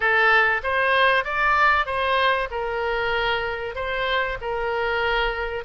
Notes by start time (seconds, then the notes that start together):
0.00 A4
0.63 C5
1.24 D5
1.86 C5
2.51 A#4
3.75 C5
4.41 A#4